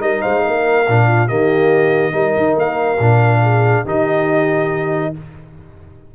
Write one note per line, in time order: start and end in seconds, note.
0.00 0.23 G3
0.00 0.85 D#4
0.00 0.22 A#4
0.00 0.22 D#5
0.22 0.46 G#3
0.22 0.43 C5
0.22 1.28 F5
0.44 0.88 A#3
0.44 1.08 A#4
0.88 1.31 A#2
0.88 1.29 D4
1.08 1.28 F4
1.28 2.14 D#3
1.28 2.12 A#3
1.28 2.12 G4
1.28 2.56 D#5
2.12 2.35 G3
2.12 2.97 D#4
2.12 3.40 A#4
2.37 2.56 D#3
2.56 2.99 A#3
2.56 3.87 F5
2.99 3.84 A#2
2.99 3.86 D4
3.42 3.84 G#4
3.84 5.13 D#3
3.84 5.14 D#4
3.84 5.12 G4
3.84 5.15 D#5